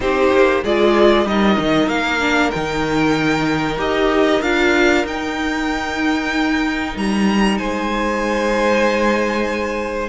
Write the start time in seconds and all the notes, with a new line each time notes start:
0.00 C4 D#4 G4 C5
0.32 A#3
0.63 G#3 F4 G#4 D5
1.25 G3 D#4 A#4 D#5
1.58 D#3
1.87 A#3 F5
2.19 D4
2.50 D#3 D#4 G5
3.77 D#4 G4 D#5
4.41 D4 F4 F5
5.04 D#4 G5
6.96 G3 A#5
7.57 G#3 C5 G#5